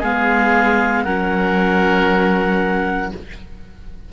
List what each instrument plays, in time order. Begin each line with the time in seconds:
0.00 cello G#3, viola B3, oboe G#4, clarinet F5
1.04 cello F#3, viola C#4, oboe A#4, clarinet F#5